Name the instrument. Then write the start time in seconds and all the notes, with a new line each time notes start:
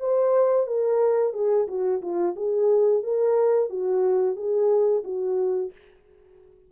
horn
0.00 C5
0.67 A#4
1.34 G#4
1.68 F#4
2.02 F4
2.36 G#4
3.03 A#4
3.70 F#4
4.36 G#4
5.04 F#4